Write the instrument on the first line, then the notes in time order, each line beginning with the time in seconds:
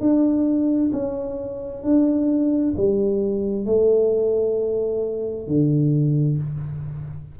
tuba
0.00 D4
0.92 C#4
1.83 D4
2.76 G3
3.65 A3
5.47 D3